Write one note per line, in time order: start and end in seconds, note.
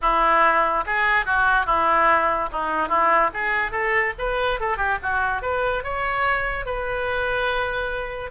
0.01 0.84 E4
0.86 1.25 G#4
1.25 1.66 F#4
1.66 2.49 E4
2.52 2.88 D#4
2.88 3.30 E4
3.33 3.71 G#4
3.71 4.13 A4
4.18 4.59 B4
4.60 4.77 A4
4.77 4.98 G4
5.02 5.42 F#4
5.42 5.83 B4
5.83 6.65 C#5
6.65 8.30 B4